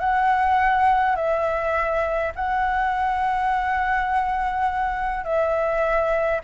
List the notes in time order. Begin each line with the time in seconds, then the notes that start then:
0.00 F#5
1.16 E5
2.35 F#5
5.24 E5